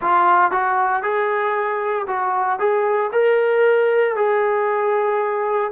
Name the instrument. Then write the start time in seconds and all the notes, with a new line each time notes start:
trombone
0.01 F4
0.51 F#4
1.03 G#4
2.07 F#4
2.59 G#4
3.12 A#4
4.16 G#4